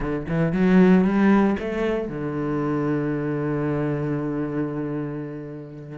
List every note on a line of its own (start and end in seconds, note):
0.00 0.26 D3
0.28 0.52 E3
0.52 1.04 F#3
1.04 1.56 G3
1.59 2.08 A3
2.08 5.98 D3